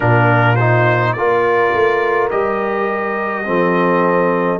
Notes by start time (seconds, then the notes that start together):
0.00 A#2 D4 F4 A#4
0.55 D#4 C5
1.12 A#3 F4 A#4 D5
1.73 A3
2.30 G3 G4 D#5
3.44 F3 C4 A4